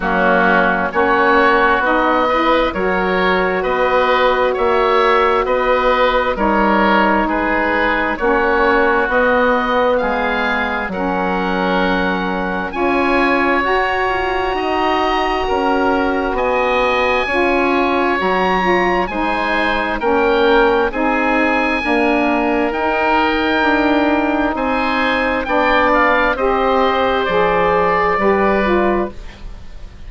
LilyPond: <<
  \new Staff \with { instrumentName = "oboe" } { \time 4/4 \tempo 4 = 66 fis'4 cis''4 dis''4 cis''4 | dis''4 e''4 dis''4 cis''4 | b'4 cis''4 dis''4 f''4 | fis''2 gis''4 ais''4~ |
ais''2 gis''2 | ais''4 gis''4 g''4 gis''4~ | gis''4 g''2 gis''4 | g''8 f''8 dis''4 d''2 | }
  \new Staff \with { instrumentName = "oboe" } { \time 4/4 cis'4 fis'4. b'8 ais'4 | b'4 cis''4 b'4 ais'4 | gis'4 fis'2 gis'4 | ais'2 cis''2 |
dis''4 ais'4 dis''4 cis''4~ | cis''4 c''4 ais'4 gis'4 | ais'2. c''4 | d''4 c''2 b'4 | }
  \new Staff \with { instrumentName = "saxophone" } { \time 4/4 ais4 cis'4 dis'8 e'8 fis'4~ | fis'2. dis'4~ | dis'4 cis'4 b2 | cis'2 f'4 fis'4~ |
fis'2. f'4 | fis'8 f'8 dis'4 cis'4 dis'4 | ais4 dis'2. | d'4 g'4 gis'4 g'8 f'8 | }
  \new Staff \with { instrumentName = "bassoon" } { \time 4/4 fis4 ais4 b4 fis4 | b4 ais4 b4 g4 | gis4 ais4 b4 gis4 | fis2 cis'4 fis'8 f'8 |
dis'4 cis'4 b4 cis'4 | fis4 gis4 ais4 c'4 | d'4 dis'4 d'4 c'4 | b4 c'4 f4 g4 | }
>>